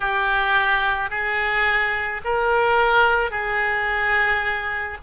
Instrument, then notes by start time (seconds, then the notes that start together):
oboe
0.00 G4
1.10 G#4
2.24 A#4
3.30 G#4